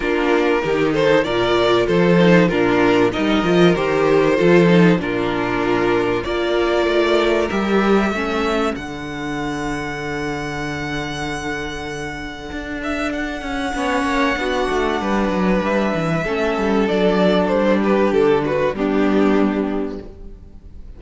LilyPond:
<<
  \new Staff \with { instrumentName = "violin" } { \time 4/4 \tempo 4 = 96 ais'4. c''8 d''4 c''4 | ais'4 dis''4 c''2 | ais'2 d''2 | e''2 fis''2~ |
fis''1~ | fis''8 e''8 fis''2.~ | fis''4 e''2 d''4 | c''8 b'8 a'8 b'8 g'2 | }
  \new Staff \with { instrumentName = "violin" } { \time 4/4 f'4 g'8 a'8 ais'4 a'4 | f'4 ais'2 a'4 | f'2 ais'2~ | ais'4 a'2.~ |
a'1~ | a'2 cis''4 fis'4 | b'2 a'2~ | a'8 g'4 fis'8 d'2 | }
  \new Staff \with { instrumentName = "viola" } { \time 4/4 d'4 dis'4 f'4. dis'8 | d'4 dis'8 f'8 g'4 f'8 dis'8 | d'2 f'2 | g'4 cis'4 d'2~ |
d'1~ | d'2 cis'4 d'4~ | d'2 cis'4 d'4~ | d'2 b2 | }
  \new Staff \with { instrumentName = "cello" } { \time 4/4 ais4 dis4 ais,4 f4 | ais,4 g8 f8 dis4 f4 | ais,2 ais4 a4 | g4 a4 d2~ |
d1 | d'4. cis'8 b8 ais8 b8 a8 | g8 fis8 g8 e8 a8 g8 fis4 | g4 d4 g2 | }
>>